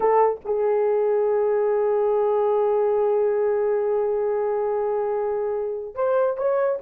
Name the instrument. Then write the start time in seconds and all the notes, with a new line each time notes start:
horn
0.00 A4
0.44 G#4
5.94 C5
6.37 C#5